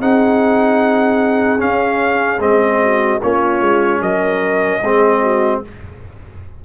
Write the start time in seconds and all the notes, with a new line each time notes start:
0.00 C4 D#4 G#4 F#5
1.58 C#4 F5
2.39 G#3 C4 D#5
2.82 F#4
3.21 A#3 C#4 F4 C#5
3.60 G#3
4.00 F#3 A#4 D#5
4.82 G#3 C4 G#4
5.21 F#4